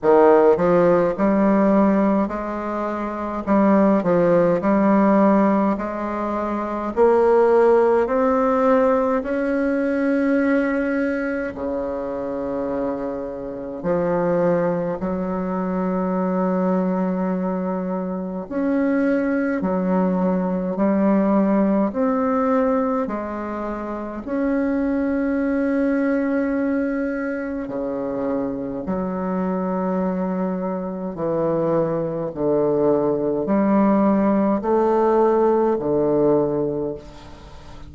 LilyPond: \new Staff \with { instrumentName = "bassoon" } { \time 4/4 \tempo 4 = 52 dis8 f8 g4 gis4 g8 f8 | g4 gis4 ais4 c'4 | cis'2 cis2 | f4 fis2. |
cis'4 fis4 g4 c'4 | gis4 cis'2. | cis4 fis2 e4 | d4 g4 a4 d4 | }